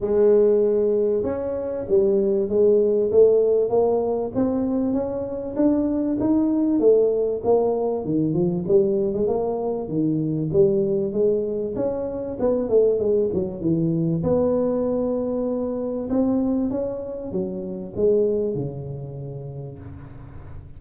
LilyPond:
\new Staff \with { instrumentName = "tuba" } { \time 4/4 \tempo 4 = 97 gis2 cis'4 g4 | gis4 a4 ais4 c'4 | cis'4 d'4 dis'4 a4 | ais4 dis8 f8 g8. gis16 ais4 |
dis4 g4 gis4 cis'4 | b8 a8 gis8 fis8 e4 b4~ | b2 c'4 cis'4 | fis4 gis4 cis2 | }